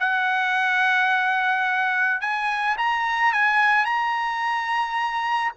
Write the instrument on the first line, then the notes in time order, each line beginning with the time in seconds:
trumpet
0.00 F#5
2.21 G#5
2.78 A#5
3.33 G#5
3.85 A#5